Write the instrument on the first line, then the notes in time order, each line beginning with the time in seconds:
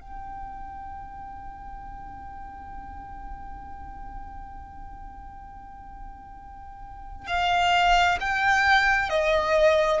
violin
0.00 G5
7.26 F5
8.20 G5
9.09 D#5